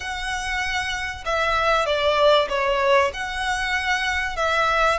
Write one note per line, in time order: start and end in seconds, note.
0.00 1.24 F#5
1.25 1.86 E5
1.86 2.48 D5
2.49 3.11 C#5
3.13 4.36 F#5
4.36 4.98 E5